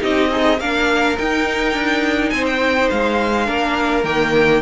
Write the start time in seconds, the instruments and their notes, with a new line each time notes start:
0.00 cello C4, viola D#4, violin G4 D#5
0.30 violin D#4, viola G#4
0.59 cello A#3, viola D4, violin A#4 F5
1.17 viola D#4, cello D#4, violin G5
1.73 cello D4
2.29 cello C4, violin C5 G#5
2.45 violin G5
2.90 cello G#3, violin F5
3.45 cello A#3, viola D4, violin A#4
4.03 cello D#3, viola A#3, violin G5